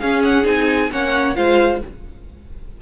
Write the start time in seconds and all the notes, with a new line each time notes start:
0.00 C#4 G#4 F5
0.24 F#5
0.44 C4 D#4 G#5
0.92 A#3 C#4 C#5 F#5
1.36 G#3 F4 C5 F5